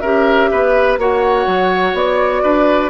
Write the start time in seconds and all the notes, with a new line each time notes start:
0.00 C#4 G4 A#4 E5
0.51 B3 B4
0.98 A#3 F#4 C#5 F#5
1.47 F#3
1.94 B3 D5
2.43 D4 B4